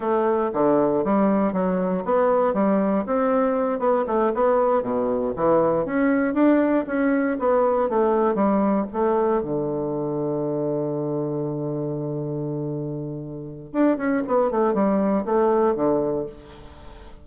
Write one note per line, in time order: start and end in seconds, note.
0.00 0.50 A3
0.53 1.04 D3
1.04 1.53 G3
1.53 2.03 F#3
2.05 2.53 B3
2.53 3.04 G3
3.06 3.79 C4
3.79 4.04 B3
4.07 4.32 A3
4.34 4.82 B3
4.82 5.33 B2
5.36 5.85 E3
5.85 6.34 C#4
6.34 6.85 D4
6.86 7.37 C#4
7.39 7.89 B3
7.89 8.34 A3
8.34 8.85 G3
8.92 9.42 A3
9.42 13.72 D3
13.72 13.97 D4
13.97 14.22 C#4
14.27 14.50 B3
14.50 14.74 A3
14.74 15.24 G3
15.25 15.75 A3
15.75 16.26 D3